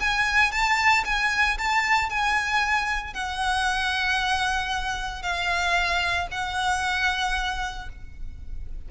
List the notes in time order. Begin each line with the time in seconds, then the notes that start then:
0.00 G#5
0.51 A5
1.05 G#5
1.58 A5
2.10 G#5
3.14 F#5
5.22 F5
6.31 F#5